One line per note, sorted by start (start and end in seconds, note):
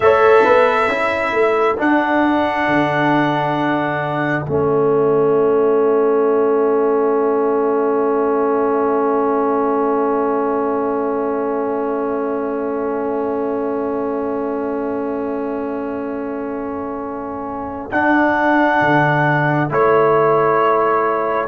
0.00 0.44 A3
0.00 0.90 A4
0.00 0.44 C#5
0.00 1.76 E5
0.44 0.88 B3
0.44 0.89 B4
0.88 1.32 C#4
0.88 1.77 E4
0.88 21.48 A4
1.32 1.77 A3
1.77 4.46 D4
1.77 2.67 D4
1.77 4.44 F#5
2.67 4.46 D3
4.44 17.91 A3
4.44 17.90 C#4
4.44 17.87 E5
17.91 19.69 D4
17.91 18.80 D4
17.91 19.70 F#5
18.80 19.70 D3
19.69 21.48 A3
19.69 21.48 E4
19.69 21.48 C#5